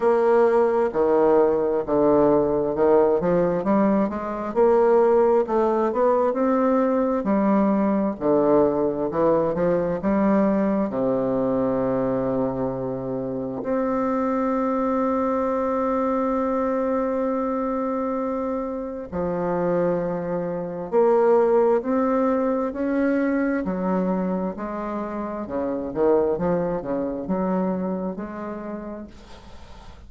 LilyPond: \new Staff \with { instrumentName = "bassoon" } { \time 4/4 \tempo 4 = 66 ais4 dis4 d4 dis8 f8 | g8 gis8 ais4 a8 b8 c'4 | g4 d4 e8 f8 g4 | c2. c'4~ |
c'1~ | c'4 f2 ais4 | c'4 cis'4 fis4 gis4 | cis8 dis8 f8 cis8 fis4 gis4 | }